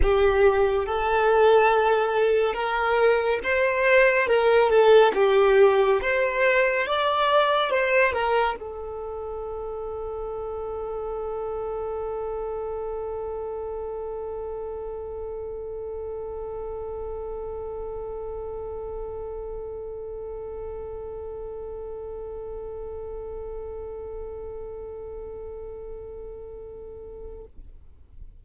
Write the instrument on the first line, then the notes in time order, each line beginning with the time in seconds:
violin
0.02 G4
0.86 A4
2.53 A#4
3.43 C5
4.27 A#4
4.69 A4
5.14 G4
6.01 C5
6.86 D5
7.70 C5
8.12 A#4
8.59 A4